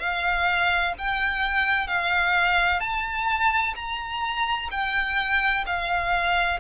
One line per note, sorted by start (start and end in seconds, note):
0.00 0.94 F5
0.98 1.88 G5
1.88 2.80 F5
2.80 3.74 A5
3.76 4.70 A#5
4.71 5.65 G5
5.66 6.60 F5